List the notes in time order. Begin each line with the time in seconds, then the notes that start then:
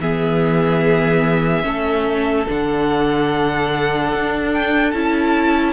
0.00 E3 B3 G#4 E5
1.63 A3 C#4 A4
2.48 D3 D4 F#5
4.15 D4
4.54 G5
4.91 C#4 E4 A5